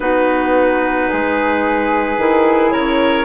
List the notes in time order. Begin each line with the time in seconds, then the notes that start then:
0.00 B3 D#4 F#4 B4
1.09 G#3 G#4
2.17 D#3 E4
2.71 C#3 A#4 C#5